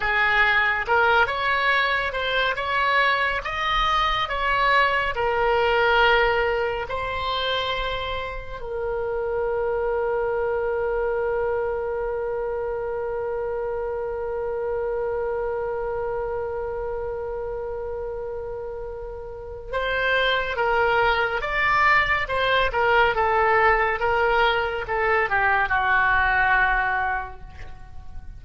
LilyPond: \new Staff \with { instrumentName = "oboe" } { \time 4/4 \tempo 4 = 70 gis'4 ais'8 cis''4 c''8 cis''4 | dis''4 cis''4 ais'2 | c''2 ais'2~ | ais'1~ |
ais'1~ | ais'2. c''4 | ais'4 d''4 c''8 ais'8 a'4 | ais'4 a'8 g'8 fis'2 | }